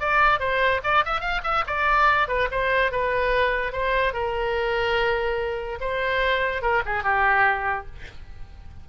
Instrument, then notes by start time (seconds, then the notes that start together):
oboe
0.00 D5
0.40 C5
0.84 D5
1.05 E5
1.21 F5
1.44 E5
1.67 D5
2.28 B4
2.51 C5
2.92 B4
3.72 C5
4.13 A#4
5.81 C5
6.62 A#4
6.86 G#4
7.03 G4